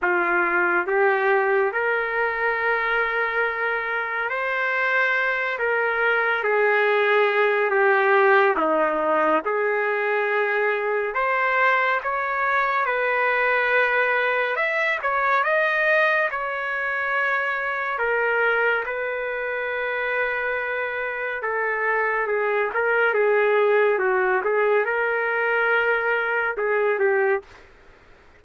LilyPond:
\new Staff \with { instrumentName = "trumpet" } { \time 4/4 \tempo 4 = 70 f'4 g'4 ais'2~ | ais'4 c''4. ais'4 gis'8~ | gis'4 g'4 dis'4 gis'4~ | gis'4 c''4 cis''4 b'4~ |
b'4 e''8 cis''8 dis''4 cis''4~ | cis''4 ais'4 b'2~ | b'4 a'4 gis'8 ais'8 gis'4 | fis'8 gis'8 ais'2 gis'8 g'8 | }